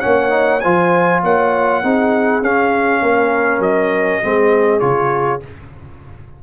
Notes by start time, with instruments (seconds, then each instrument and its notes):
0.00 tuba A#3, trombone C#4, horn C#5, trumpet F#5
0.29 trombone D#4
0.60 tuba F3, trombone F4, horn C5, trumpet G#5
1.23 tuba A#3, horn C#5, trumpet F#5
1.83 tuba C4, trombone D#4, horn G#4
2.42 tuba C#4, trombone C#4, trumpet F5
3.02 tuba A#3, horn A#4
3.59 tuba F#3, trumpet D#5
4.22 tuba G#3, trombone C4, horn G#4
4.80 tuba C#3, trombone F4, trumpet C#5